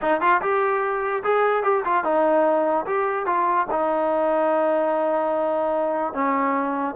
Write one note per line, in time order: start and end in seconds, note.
0.01 0.20 D#4
0.20 0.41 F4
0.41 1.23 G4
1.23 1.63 G#4
1.63 1.83 G4
1.85 2.04 F4
2.04 2.85 D#4
2.86 3.26 G4
3.26 3.66 F4
3.70 6.13 D#4
6.13 6.95 C#4